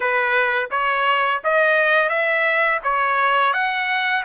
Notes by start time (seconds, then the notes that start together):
0.00 B4
0.71 C#5
1.44 D#5
2.09 E5
2.83 C#5
3.53 F#5